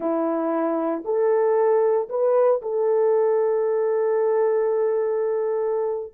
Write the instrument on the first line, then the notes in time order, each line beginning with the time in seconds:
horn
0.00 E4
1.04 A4
2.09 B4
2.62 A4